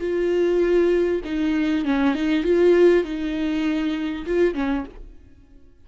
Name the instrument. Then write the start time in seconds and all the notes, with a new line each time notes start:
viola
0.00 F4
1.24 D#4
1.85 C#4
2.14 D#4
2.43 F4
3.04 D#4
4.26 F4
4.54 C#4